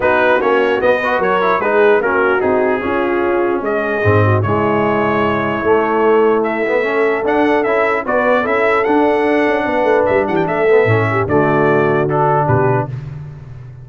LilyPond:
<<
  \new Staff \with { instrumentName = "trumpet" } { \time 4/4 \tempo 4 = 149 b'4 cis''4 dis''4 cis''4 | b'4 ais'4 gis'2~ | gis'4 dis''2 cis''4~ | cis''1 |
e''2 fis''4 e''4 | d''4 e''4 fis''2~ | fis''4 e''8 fis''16 g''16 e''2 | d''2 a'4 b'4 | }
  \new Staff \with { instrumentName = "horn" } { \time 4/4 fis'2~ fis'8 b'8 ais'4 | gis'4 fis'2 f'4~ | f'4 gis'4. fis'8 e'4~ | e'1~ |
e'4 a'2. | b'4 a'2. | b'4. g'8 a'4. g'8 | fis'2. g'4 | }
  \new Staff \with { instrumentName = "trombone" } { \time 4/4 dis'4 cis'4 b8 fis'4 e'8 | dis'4 cis'4 dis'4 cis'4~ | cis'2 c'4 gis4~ | gis2 a2~ |
a8 b8 cis'4 d'4 e'4 | fis'4 e'4 d'2~ | d'2~ d'8 b8 cis'4 | a2 d'2 | }
  \new Staff \with { instrumentName = "tuba" } { \time 4/4 b4 ais4 b4 fis4 | gis4 ais4 c'4 cis'4~ | cis'4 gis4 gis,4 cis4~ | cis2 a2~ |
a2 d'4 cis'4 | b4 cis'4 d'4. cis'8 | b8 a8 g8 e8 a4 a,4 | d2. b,4 | }
>>